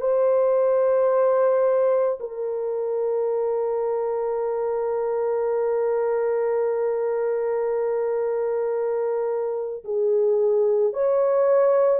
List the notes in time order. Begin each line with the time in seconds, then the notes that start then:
0.00 C5
2.20 A#4
9.84 G#4
10.93 C#5